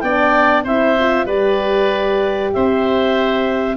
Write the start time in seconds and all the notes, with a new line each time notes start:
0.00 B3 D4 D5 G5
0.64 C4 E4 C5 E5
0.99 F4
1.25 G3 G4 B4 D5
2.53 C4 C5 E5